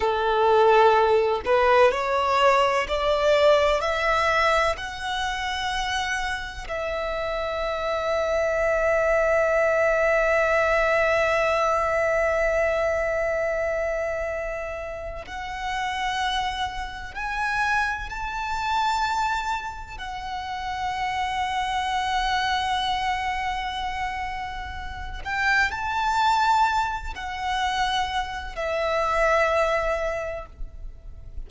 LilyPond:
\new Staff \with { instrumentName = "violin" } { \time 4/4 \tempo 4 = 63 a'4. b'8 cis''4 d''4 | e''4 fis''2 e''4~ | e''1~ | e''1 |
fis''2 gis''4 a''4~ | a''4 fis''2.~ | fis''2~ fis''8 g''8 a''4~ | a''8 fis''4. e''2 | }